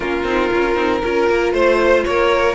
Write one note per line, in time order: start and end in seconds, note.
0.00 0.23 A#3
0.00 0.25 C#4
0.00 1.02 F4
0.00 1.52 A#4
0.23 0.49 C4
0.23 0.52 D#4
0.53 0.76 C#4
0.53 0.76 F4
0.76 1.01 C4
0.76 1.01 D#4
1.02 1.29 C#4
1.02 2.55 F4
1.02 1.53 A#4
1.29 1.52 A#3
1.52 2.04 A3
1.52 2.04 C5
1.52 2.06 C5
2.04 2.55 A#3
2.04 2.55 A#4
2.04 2.55 C#5